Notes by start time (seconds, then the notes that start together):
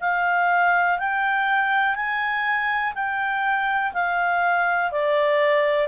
0.00 F5
0.98 G5
1.95 G#5
2.94 G5
3.93 F5
4.91 D5